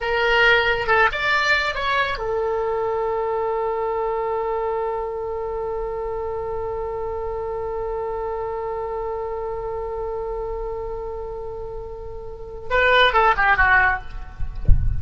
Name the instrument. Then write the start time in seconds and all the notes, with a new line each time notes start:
oboe
0.00 A#4
0.87 A4
1.12 D5
1.74 C#5
2.18 A4
12.70 B4
13.13 A4
13.36 G4
13.56 F#4